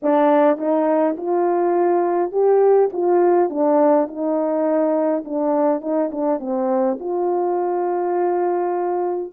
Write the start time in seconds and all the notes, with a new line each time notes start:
0.02 D4
0.57 D#4
1.17 F4
2.31 G4
2.93 F4
3.50 D4
4.07 D#4
5.24 D4
5.81 D#4
6.11 D4
6.39 C4
6.99 F4